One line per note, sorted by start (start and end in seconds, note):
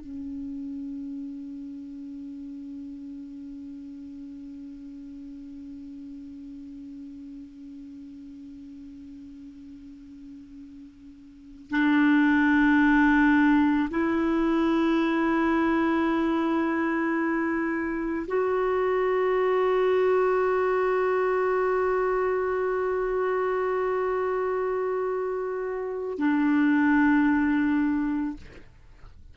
0.00 11.71 C#4
11.71 13.89 D4
13.90 18.27 E4
18.27 26.18 F#4
26.18 28.36 D4